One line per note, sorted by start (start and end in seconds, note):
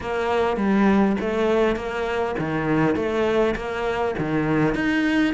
0.00 0.56 A#3
0.56 1.16 G3
1.20 1.76 A3
1.76 2.35 A#3
2.38 2.95 D#3
2.95 3.55 A3
3.55 4.14 A#3
4.18 4.74 D#3
4.74 5.34 D#4